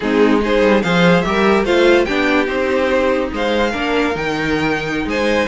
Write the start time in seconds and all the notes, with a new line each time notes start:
0.00 G#3 C4 D#4 G#4
0.39 D#4 G#4 C5
0.61 G3
0.82 F3 G#4 C5 F5
1.21 G3 G4 E5
1.27 A#4
1.64 A3 F4 C5 F5
2.04 B3 D4 G4 G5
2.46 C4 D#4 C5
3.32 G#3 C5 F5
3.70 A#3 D4 A#4
4.14 D#3 D#4 G5
5.04 G#3 C5 G#5